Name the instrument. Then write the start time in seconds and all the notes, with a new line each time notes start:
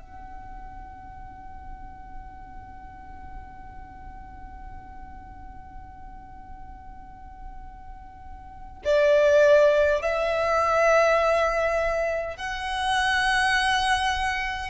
violin
0.00 F#5
8.85 D5
10.03 E5
12.37 F#5